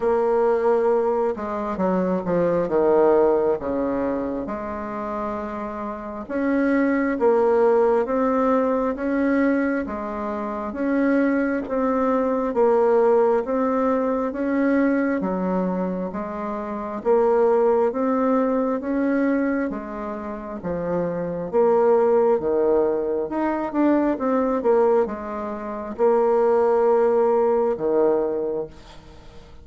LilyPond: \new Staff \with { instrumentName = "bassoon" } { \time 4/4 \tempo 4 = 67 ais4. gis8 fis8 f8 dis4 | cis4 gis2 cis'4 | ais4 c'4 cis'4 gis4 | cis'4 c'4 ais4 c'4 |
cis'4 fis4 gis4 ais4 | c'4 cis'4 gis4 f4 | ais4 dis4 dis'8 d'8 c'8 ais8 | gis4 ais2 dis4 | }